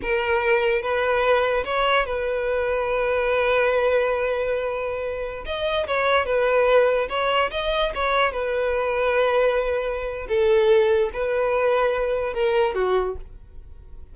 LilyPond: \new Staff \with { instrumentName = "violin" } { \time 4/4 \tempo 4 = 146 ais'2 b'2 | cis''4 b'2.~ | b'1~ | b'4~ b'16 dis''4 cis''4 b'8.~ |
b'4~ b'16 cis''4 dis''4 cis''8.~ | cis''16 b'2.~ b'8.~ | b'4 a'2 b'4~ | b'2 ais'4 fis'4 | }